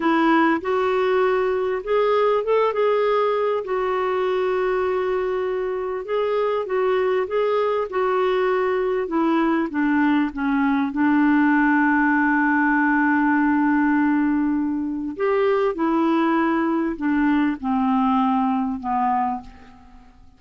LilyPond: \new Staff \with { instrumentName = "clarinet" } { \time 4/4 \tempo 4 = 99 e'4 fis'2 gis'4 | a'8 gis'4. fis'2~ | fis'2 gis'4 fis'4 | gis'4 fis'2 e'4 |
d'4 cis'4 d'2~ | d'1~ | d'4 g'4 e'2 | d'4 c'2 b4 | }